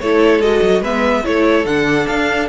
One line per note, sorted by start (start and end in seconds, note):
0.00 0.39 A3
0.00 0.42 E4
0.00 0.82 A4
0.00 0.41 C#5
0.39 0.60 G#3
0.39 0.84 F#4
0.39 0.83 D#5
0.62 0.80 F#3
0.80 1.21 G#3
0.80 1.24 B3
0.80 1.23 B4
0.80 1.25 E5
1.24 1.65 A3
1.24 1.65 E4
1.24 2.49 A4
1.24 1.66 C#5
1.65 2.06 D3
1.65 2.49 D4
1.65 2.07 F#5
2.07 2.49 D4
2.07 2.48 F5